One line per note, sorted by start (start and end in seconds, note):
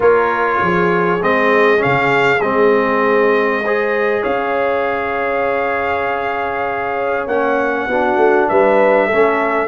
0.00 0.60 A#3
0.00 1.20 F4
0.00 0.60 A#4
0.00 1.22 C#5
0.61 1.21 F3
0.61 3.63 G#4
1.21 1.81 G#3
1.21 1.77 C4
1.21 1.82 D#5
1.77 2.38 C#4
1.77 2.41 F5
1.85 2.40 C#3
2.40 4.22 G#3
2.40 3.64 C4
2.40 4.23 D#5
3.63 7.29 G#4
3.63 4.22 C5
4.22 7.26 C#4
4.22 7.85 C#5
4.22 7.26 F5
7.26 7.87 A#3
7.26 7.89 C#4
7.26 8.48 F#5
7.87 8.16 B3
7.87 9.11 D4
7.87 8.48 F#4
8.16 8.46 A3
8.48 9.10 G3
8.48 9.06 B4
8.48 9.67 E5
9.06 9.67 A3
9.06 9.67 C#4
9.06 9.67 A4